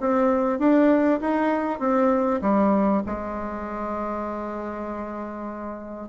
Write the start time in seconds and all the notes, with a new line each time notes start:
0.00 C4
0.59 D4
1.21 D#4
1.79 C4
2.41 G3
3.06 G#3